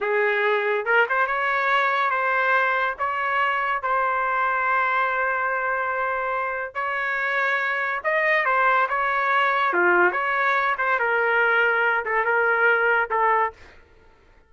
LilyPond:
\new Staff \with { instrumentName = "trumpet" } { \time 4/4 \tempo 4 = 142 gis'2 ais'8 c''8 cis''4~ | cis''4 c''2 cis''4~ | cis''4 c''2.~ | c''1 |
cis''2. dis''4 | c''4 cis''2 f'4 | cis''4. c''8 ais'2~ | ais'8 a'8 ais'2 a'4 | }